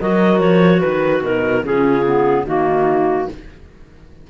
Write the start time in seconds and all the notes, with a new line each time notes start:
0.00 F#3 F#4 A#4 D#5
0.39 F3 C#5
0.80 D#3 B4
1.22 B2 D#4 A#4
1.63 C#3 C#4 F4 G#4
2.05 B3
2.45 D#3 A#3 D#4 F#4